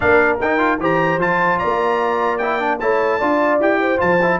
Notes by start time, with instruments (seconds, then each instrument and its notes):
0.00 tuba A#3, trombone D4, horn A#4, trumpet F5
0.40 tuba D#4, trombone D#4, trumpet G5
0.58 trombone F4
0.79 tuba E3, trombone G4, horn C5, trumpet A#5
1.17 tuba F3, trombone F4, trumpet A5
1.58 tuba A#3, horn D5, trumpet A#5
2.38 trombone E4, trumpet G5
2.59 trombone D4
2.79 tuba A3, trombone E4, horn C#5, trumpet A5
3.18 tuba D4, trombone F4, horn D5
3.59 tuba E4, trombone G4, trumpet G5
3.80 horn C5
3.97 tuba F3, trombone F4, trumpet A5
4.21 trombone E4